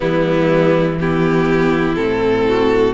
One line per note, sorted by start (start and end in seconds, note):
0.00 1.96 E3
0.00 0.99 G3
0.00 0.97 B3
0.00 0.99 E4
1.00 1.96 B3
1.00 2.48 E4
1.00 1.95 G4
1.95 2.93 A2
1.95 2.93 C4
1.95 2.93 A4
2.48 2.93 F#4